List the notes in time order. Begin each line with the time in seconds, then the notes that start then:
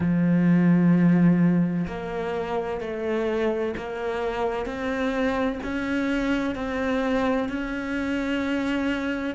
0.00 F3
1.87 A#3
2.80 A3
3.76 A#3
4.65 C4
5.62 C#4
6.55 C4
7.48 C#4